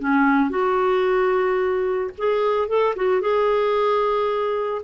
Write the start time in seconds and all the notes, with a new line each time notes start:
0.00 C#4
0.50 F#4
2.18 G#4
2.69 A4
2.96 F#4
3.21 G#4